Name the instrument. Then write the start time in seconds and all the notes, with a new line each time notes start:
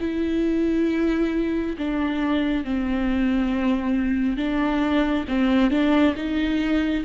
viola
0.00 E4
1.77 D4
2.64 C4
4.37 D4
5.28 C4
5.70 D4
6.16 D#4